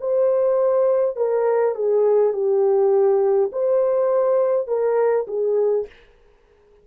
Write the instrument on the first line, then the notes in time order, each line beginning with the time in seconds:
horn
0.00 C5
1.16 A#4
1.75 G#4
2.33 G4
3.52 C5
4.67 A#4
5.27 G#4